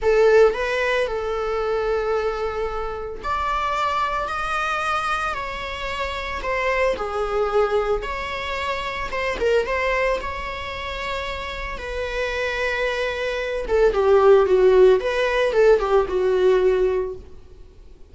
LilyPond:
\new Staff \with { instrumentName = "viola" } { \time 4/4 \tempo 4 = 112 a'4 b'4 a'2~ | a'2 d''2 | dis''2 cis''2 | c''4 gis'2 cis''4~ |
cis''4 c''8 ais'8 c''4 cis''4~ | cis''2 b'2~ | b'4. a'8 g'4 fis'4 | b'4 a'8 g'8 fis'2 | }